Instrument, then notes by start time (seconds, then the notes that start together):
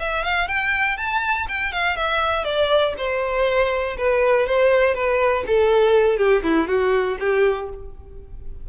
violin
0.00 E5
0.24 F5
0.48 G5
0.98 A5
1.49 G5
1.73 F5
1.97 E5
2.45 D5
2.98 C5
3.98 B4
4.47 C5
4.95 B4
5.47 A4
6.18 G4
6.43 E4
6.68 F#4
7.20 G4